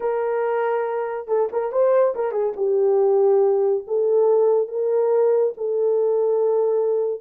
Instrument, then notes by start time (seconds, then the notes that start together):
horn
0.00 A#4
1.27 A4
1.52 A#4
1.71 C5
2.15 A#4
2.31 G#4
2.56 G4
3.87 A4
4.68 A#4
5.57 A4